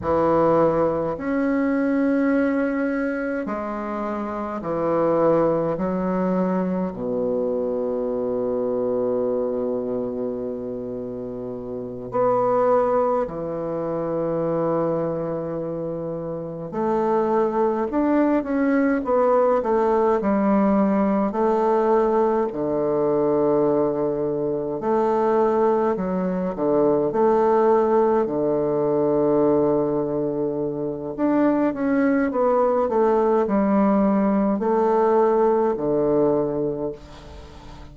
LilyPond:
\new Staff \with { instrumentName = "bassoon" } { \time 4/4 \tempo 4 = 52 e4 cis'2 gis4 | e4 fis4 b,2~ | b,2~ b,8 b4 e8~ | e2~ e8 a4 d'8 |
cis'8 b8 a8 g4 a4 d8~ | d4. a4 fis8 d8 a8~ | a8 d2~ d8 d'8 cis'8 | b8 a8 g4 a4 d4 | }